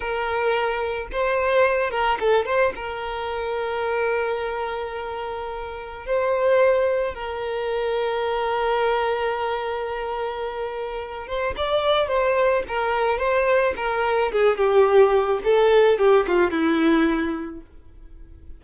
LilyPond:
\new Staff \with { instrumentName = "violin" } { \time 4/4 \tempo 4 = 109 ais'2 c''4. ais'8 | a'8 c''8 ais'2.~ | ais'2. c''4~ | c''4 ais'2.~ |
ais'1~ | ais'8 c''8 d''4 c''4 ais'4 | c''4 ais'4 gis'8 g'4. | a'4 g'8 f'8 e'2 | }